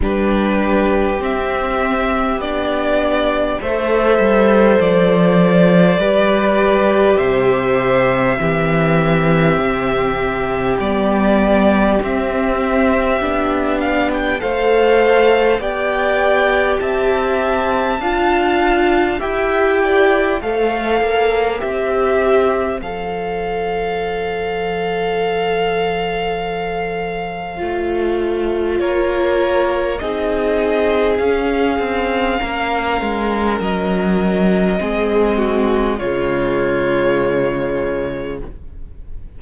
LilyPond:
<<
  \new Staff \with { instrumentName = "violin" } { \time 4/4 \tempo 4 = 50 b'4 e''4 d''4 e''4 | d''2 e''2~ | e''4 d''4 e''4. f''16 g''16 | f''4 g''4 a''2 |
g''4 f''4 e''4 f''4~ | f''1 | cis''4 dis''4 f''2 | dis''2 cis''2 | }
  \new Staff \with { instrumentName = "violin" } { \time 4/4 g'2. c''4~ | c''4 b'4 c''4 g'4~ | g'1 | c''4 d''4 e''4 f''4 |
e''8 d''8 c''2.~ | c''1 | ais'4 gis'2 ais'4~ | ais'4 gis'8 fis'8 f'2 | }
  \new Staff \with { instrumentName = "viola" } { \time 4/4 d'4 c'4 d'4 a'4~ | a'4 g'2 c'4~ | c'4 b4 c'4 d'4 | a'4 g'2 f'4 |
g'4 a'4 g'4 a'4~ | a'2. f'4~ | f'4 dis'4 cis'2~ | cis'4 c'4 gis2 | }
  \new Staff \with { instrumentName = "cello" } { \time 4/4 g4 c'4 b4 a8 g8 | f4 g4 c4 e4 | c4 g4 c'4 b4 | a4 b4 c'4 d'4 |
e'4 a8 ais8 c'4 f4~ | f2. a4 | ais4 c'4 cis'8 c'8 ais8 gis8 | fis4 gis4 cis2 | }
>>